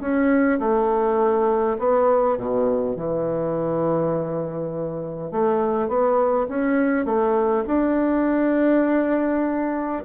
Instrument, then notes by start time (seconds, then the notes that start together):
bassoon
0.00 C#4
0.59 A3
1.79 B3
2.37 B2
2.96 E3
5.31 A3
5.88 B3
6.49 C#4
7.05 A3
7.67 D4